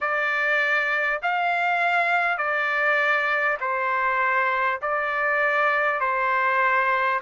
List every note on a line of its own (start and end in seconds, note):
0.01 1.21 D5
1.22 2.37 F5
2.37 3.57 D5
3.60 4.80 C5
4.81 6.00 D5
6.00 7.20 C5